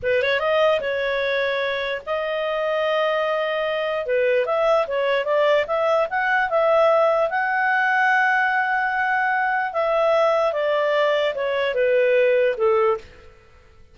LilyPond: \new Staff \with { instrumentName = "clarinet" } { \time 4/4 \tempo 4 = 148 b'8 cis''8 dis''4 cis''2~ | cis''4 dis''2.~ | dis''2 b'4 e''4 | cis''4 d''4 e''4 fis''4 |
e''2 fis''2~ | fis''1 | e''2 d''2 | cis''4 b'2 a'4 | }